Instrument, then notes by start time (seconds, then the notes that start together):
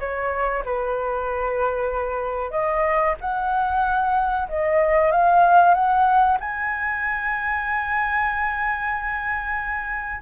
flute
0.00 C#5
0.65 B4
2.51 D#5
3.21 F#5
4.49 D#5
5.12 F5
5.74 F#5
6.41 G#5